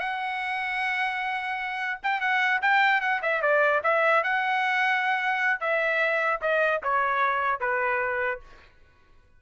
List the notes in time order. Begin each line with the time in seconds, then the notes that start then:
0.00 F#5
2.03 G5
2.21 F#5
2.62 G5
3.01 F#5
3.22 E5
3.42 D5
3.84 E5
4.24 F#5
5.60 E5
6.42 D#5
6.83 C#5
7.61 B4